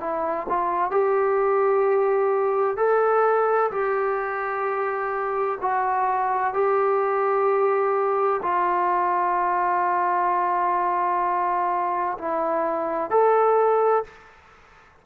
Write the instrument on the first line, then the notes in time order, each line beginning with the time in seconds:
trombone
0.00 E4
0.49 F4
0.91 G4
2.77 A4
3.71 G4
5.61 F#4
6.54 G4
8.42 F4
12.19 E4
13.10 A4